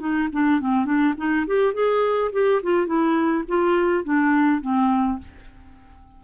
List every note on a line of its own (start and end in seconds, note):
0.00 0.29 D#4
0.33 0.61 D4
0.61 0.85 C4
0.85 1.14 D4
1.18 1.47 D#4
1.47 1.74 G4
1.74 2.32 G#4
2.33 2.62 G4
2.63 2.87 F4
2.87 3.45 E4
3.49 4.04 F4
4.04 4.62 D4
4.62 5.19 C4